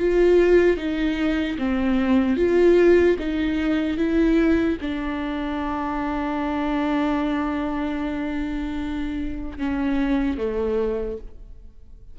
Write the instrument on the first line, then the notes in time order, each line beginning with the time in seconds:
viola
0.00 F4
0.77 D#4
1.59 C4
2.37 F4
3.20 D#4
3.98 E4
4.81 D4
9.59 C#4
10.38 A3